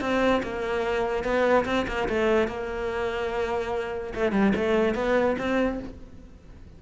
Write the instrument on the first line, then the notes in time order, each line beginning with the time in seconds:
cello
0.00 C4
0.43 A#3
1.23 B3
1.65 C4
1.87 A#3
2.08 A3
2.48 A#3
4.14 A3
4.31 G3
4.55 A3
4.94 B3
5.38 C4